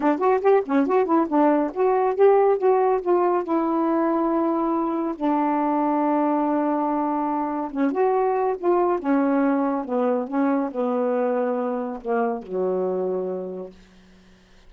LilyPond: \new Staff \with { instrumentName = "saxophone" } { \time 4/4 \tempo 4 = 140 d'8 fis'8 g'8 cis'8 fis'8 e'8 d'4 | fis'4 g'4 fis'4 f'4 | e'1 | d'1~ |
d'2 cis'8 fis'4. | f'4 cis'2 b4 | cis'4 b2. | ais4 fis2. | }